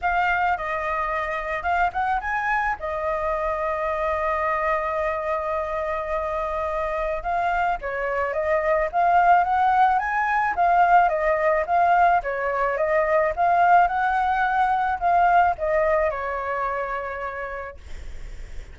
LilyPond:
\new Staff \with { instrumentName = "flute" } { \time 4/4 \tempo 4 = 108 f''4 dis''2 f''8 fis''8 | gis''4 dis''2.~ | dis''1~ | dis''4 f''4 cis''4 dis''4 |
f''4 fis''4 gis''4 f''4 | dis''4 f''4 cis''4 dis''4 | f''4 fis''2 f''4 | dis''4 cis''2. | }